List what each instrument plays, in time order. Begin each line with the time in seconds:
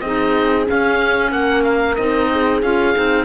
0.00 cello C4, clarinet D#4, horn G#4, oboe D#5
0.65 clarinet C#4, cello C#4, oboe F5
1.31 cello A#3, horn A#4, oboe F#5
1.63 oboe F5
1.96 cello C4, clarinet D#4, oboe D#5
2.32 horn G#4
2.62 cello C#4, clarinet F4, oboe F5
2.94 cello C4, clarinet D#4